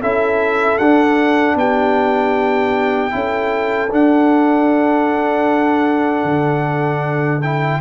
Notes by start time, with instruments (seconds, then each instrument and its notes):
0.00 tuba C#4, trombone E4, horn A4, trumpet E5
0.78 tuba D4, trombone D4, trumpet F#5
1.56 tuba B3, horn G4, trumpet G5
3.11 tuba C#4, trombone E4, horn A4
3.91 trombone D4, tuba D4, trumpet F#5
6.24 tuba D3
7.42 trombone E4, trumpet G5